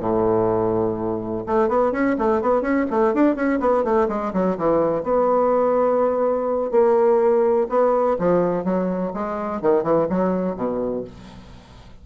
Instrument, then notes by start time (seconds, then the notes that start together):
bassoon
0.00 A2
1.47 A3
1.69 B3
1.93 C#4
2.19 A3
2.42 B3
2.62 C#4
2.91 A3
3.15 D4
3.36 C#4
3.60 B3
3.84 A3
4.09 G#3
4.34 F#3
4.58 E3
5.04 B3
6.72 A#3
7.70 B3
8.19 F3
8.65 F#3
9.14 G#3
9.62 D#3
9.84 E3
10.10 F#3
10.56 B2